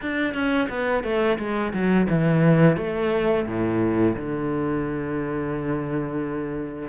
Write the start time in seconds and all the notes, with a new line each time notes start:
0.01 D4
0.34 C#4
0.69 B3
1.03 A3
1.38 G#3
1.73 F#3
2.09 E3
2.76 A3
3.46 A2
4.15 D3